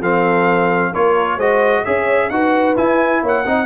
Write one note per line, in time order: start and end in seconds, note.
0.00 0.92 F3
0.00 0.94 C4
0.00 0.92 A4
0.00 0.94 F5
0.93 1.37 A#3
0.93 1.40 F4
0.93 1.37 A#4
0.93 1.40 C#5
1.37 1.83 G#3
1.37 1.85 F#4
1.37 1.83 C5
1.37 1.85 D#5
1.85 2.30 C#4
1.85 2.31 G#4
1.85 2.31 C#5
1.85 2.30 E5
2.30 2.76 D#4
2.30 2.76 F#4
2.30 3.22 B4
2.30 2.76 F#5
2.76 3.45 E4
2.76 3.23 E4
2.76 3.23 G#5
3.22 3.46 A#3
3.22 3.45 C#5
3.22 3.66 F#5
3.46 3.66 C4
3.46 3.66 D#4
3.46 3.66 D#5